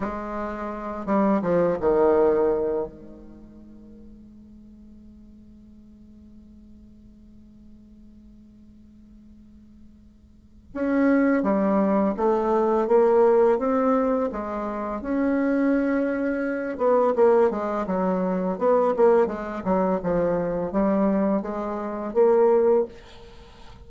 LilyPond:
\new Staff \with { instrumentName = "bassoon" } { \time 4/4 \tempo 4 = 84 gis4. g8 f8 dis4. | gis1~ | gis1~ | gis2. cis'4 |
g4 a4 ais4 c'4 | gis4 cis'2~ cis'8 b8 | ais8 gis8 fis4 b8 ais8 gis8 fis8 | f4 g4 gis4 ais4 | }